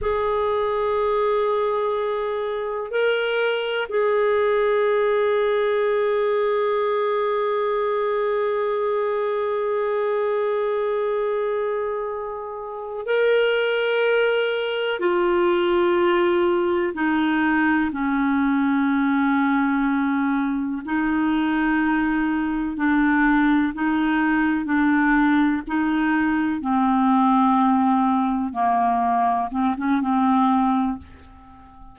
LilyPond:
\new Staff \with { instrumentName = "clarinet" } { \time 4/4 \tempo 4 = 62 gis'2. ais'4 | gis'1~ | gis'1~ | gis'4. ais'2 f'8~ |
f'4. dis'4 cis'4.~ | cis'4. dis'2 d'8~ | d'8 dis'4 d'4 dis'4 c'8~ | c'4. ais4 c'16 cis'16 c'4 | }